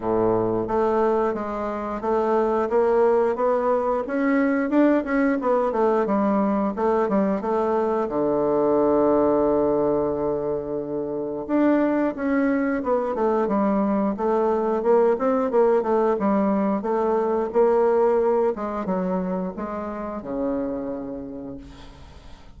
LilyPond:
\new Staff \with { instrumentName = "bassoon" } { \time 4/4 \tempo 4 = 89 a,4 a4 gis4 a4 | ais4 b4 cis'4 d'8 cis'8 | b8 a8 g4 a8 g8 a4 | d1~ |
d4 d'4 cis'4 b8 a8 | g4 a4 ais8 c'8 ais8 a8 | g4 a4 ais4. gis8 | fis4 gis4 cis2 | }